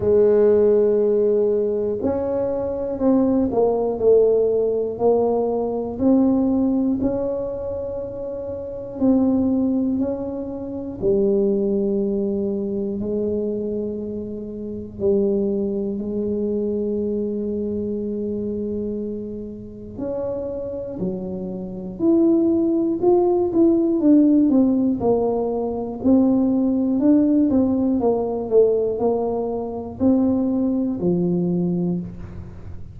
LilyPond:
\new Staff \with { instrumentName = "tuba" } { \time 4/4 \tempo 4 = 60 gis2 cis'4 c'8 ais8 | a4 ais4 c'4 cis'4~ | cis'4 c'4 cis'4 g4~ | g4 gis2 g4 |
gis1 | cis'4 fis4 e'4 f'8 e'8 | d'8 c'8 ais4 c'4 d'8 c'8 | ais8 a8 ais4 c'4 f4 | }